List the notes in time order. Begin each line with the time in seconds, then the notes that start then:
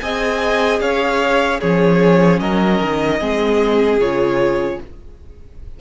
0.00 C4 G#4 D#5 G#5
0.80 C#4 C#5 F5
1.60 F3 C#4 G#4 C#5
2.39 F#3 A#4 D#5
2.81 D#3
3.19 G#3 C4 G#4
3.98 C#3 F4 C#5